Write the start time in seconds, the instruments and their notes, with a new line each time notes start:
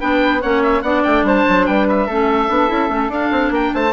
0.00 bassoon B3, clarinet D4, flute B4, oboe G5
0.42 bassoon A#3, clarinet C#4, flute C#5, oboe F#5
0.63 oboe E5
0.82 bassoon B3, clarinet D4, flute D5, oboe F#5
1.03 bassoon A3, oboe G5
1.23 bassoon G3, flute C5, oboe A5
1.49 bassoon F#3
1.66 bassoon G3, flute B4, oboe G5
1.89 oboe E5
2.07 bassoon A3, clarinet C#4, flute A4
2.48 bassoon B3, clarinet D4
2.68 bassoon C#4, clarinet E4
2.89 bassoon A3, clarinet C#4
3.09 bassoon D4, clarinet D4, oboe F5
3.32 bassoon C4
3.51 bassoon A#3, flute A#4, oboe G5
3.75 bassoon A3, flute C5, oboe A5